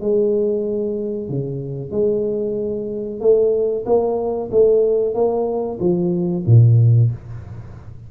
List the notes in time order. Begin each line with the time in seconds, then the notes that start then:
0.00 G#3
1.28 C#3
1.91 G#3
3.20 A3
3.85 A#3
4.51 A3
5.14 A#3
5.79 F3
6.46 A#2